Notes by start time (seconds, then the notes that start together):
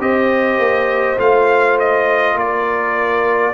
0.00 C4 G4 C5 D#5
0.59 A#3
1.18 A3 F4 F5
1.80 D#5
2.35 A#3 A#4 D5